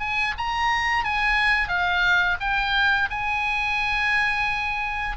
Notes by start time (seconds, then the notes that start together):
0.00 G#5
0.38 A#5
1.04 G#5
1.68 F5
2.40 G5
3.10 G#5